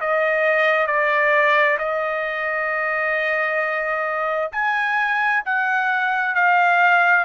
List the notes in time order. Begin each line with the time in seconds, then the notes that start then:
0.00 D#5
0.86 D5
1.78 D#5
4.52 G#5
5.45 F#5
6.34 F5